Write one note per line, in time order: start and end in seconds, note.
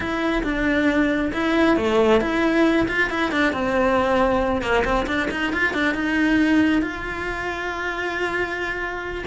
0.00 0.43 E4
0.43 1.31 D4
1.33 1.76 E4
1.76 2.20 A3
2.20 2.87 E4
2.88 3.10 F4
3.10 3.31 E4
3.31 3.52 D4
3.52 4.61 C4
4.61 4.83 A#3
4.84 5.06 C4
5.07 5.29 D4
5.30 5.52 D#4
5.52 5.73 F4
5.73 5.94 D4
5.94 6.82 D#4
6.82 9.24 F4